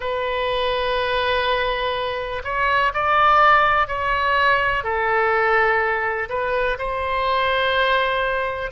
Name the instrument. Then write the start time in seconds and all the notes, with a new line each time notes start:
oboe
0.00 B4
2.44 C#5
2.93 D5
3.87 C#5
4.83 A4
6.29 B4
6.78 C5